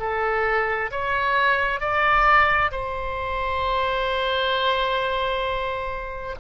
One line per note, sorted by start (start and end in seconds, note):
0.00 0.91 A4
0.91 1.81 C#5
1.81 2.71 D5
2.72 6.36 C5